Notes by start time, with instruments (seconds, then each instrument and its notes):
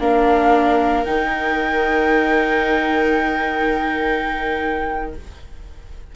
0.00 bassoon A#3, viola D4 A#4, flute F5
1.05 bassoon D#3, viola D#4, flute G5